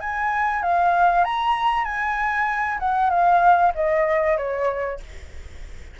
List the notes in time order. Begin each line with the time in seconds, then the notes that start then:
0.00 G#5
0.62 F5
1.24 A#5
1.84 G#5
2.79 F#5
3.10 F5
3.75 D#5
4.37 C#5